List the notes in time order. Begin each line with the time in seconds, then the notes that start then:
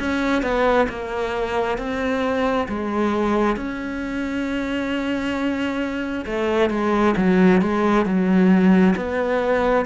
0.00 C#4
0.43 B3
0.89 A#3
1.79 C4
2.69 G#3
3.57 C#4
6.26 A3
6.70 G#3
7.17 F#3
7.62 G#3
8.06 F#3
8.96 B3